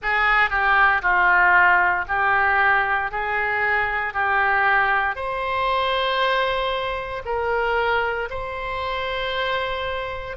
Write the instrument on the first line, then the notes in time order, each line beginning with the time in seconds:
oboe
0.02 G#4
0.49 G4
1.02 F4
2.07 G4
3.11 G#4
4.13 G4
5.15 C5
7.25 A#4
8.29 C5